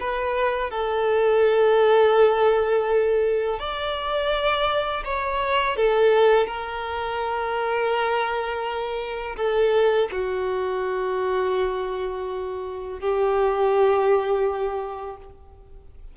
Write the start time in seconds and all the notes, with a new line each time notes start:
0.00 B4
0.70 A4
3.59 D5
5.04 C#5
5.76 A4
6.47 A#4
9.36 A4
10.11 F#4
13.00 G4